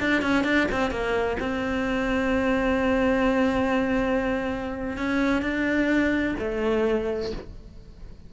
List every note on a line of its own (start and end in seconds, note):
0.00 0.22 D4
0.22 0.44 C#4
0.44 0.67 D4
0.72 0.91 C4
0.91 1.37 A#3
1.40 4.97 C4
4.97 5.42 C#4
5.42 6.35 D4
6.39 7.32 A3